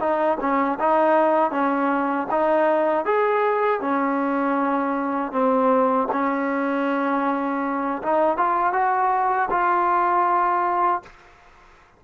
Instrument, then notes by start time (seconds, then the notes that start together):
trombone
0.00 D#4
0.40 C#4
0.80 D#4
1.52 C#4
2.31 D#4
3.06 G#4
3.81 C#4
5.32 C4
6.12 C#4
8.03 D#4
8.37 F4
8.73 F#4
9.51 F4